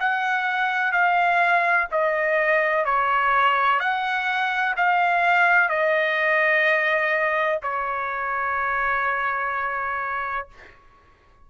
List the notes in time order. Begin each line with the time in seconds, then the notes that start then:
0.00 F#5
0.92 F5
1.92 D#5
2.85 C#5
3.80 F#5
4.77 F5
5.69 D#5
7.63 C#5